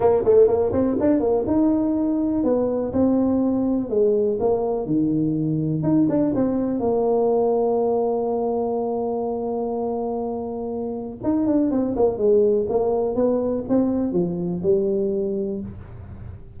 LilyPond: \new Staff \with { instrumentName = "tuba" } { \time 4/4 \tempo 4 = 123 ais8 a8 ais8 c'8 d'8 ais8 dis'4~ | dis'4 b4 c'2 | gis4 ais4 dis2 | dis'8 d'8 c'4 ais2~ |
ais1~ | ais2. dis'8 d'8 | c'8 ais8 gis4 ais4 b4 | c'4 f4 g2 | }